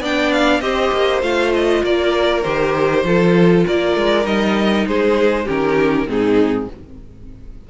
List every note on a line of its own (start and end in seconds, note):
0.00 0.60 B3
0.00 0.62 D4
0.00 0.61 D5
0.00 0.32 G5
0.32 0.61 F5
0.60 0.91 C4
0.60 1.21 G4
0.60 1.83 C5
0.60 1.21 D#5
0.92 1.22 A#3
1.21 1.83 A3
1.21 2.43 F4
1.21 1.53 F5
1.54 1.84 D#5
1.83 2.44 A#3
1.83 3.04 A#4
1.83 2.42 D5
2.42 3.04 D#3
2.42 3.05 G4
2.42 3.64 C5
3.04 3.65 F3
3.04 4.23 F4
3.04 3.66 A4
3.66 3.96 A#3
3.66 4.87 A#4
3.66 4.26 D5
3.96 4.25 G#3
4.23 4.85 G3
4.23 5.45 D#4
4.23 4.87 D#5
4.87 5.47 G#3
4.87 5.45 G#4
4.87 5.48 C5
5.45 6.07 D#3
5.45 6.07 C#4
5.45 6.05 G4
5.45 6.09 A#4
6.07 6.67 G#2
6.07 6.67 C4
6.07 6.70 D#4
6.07 6.69 G#4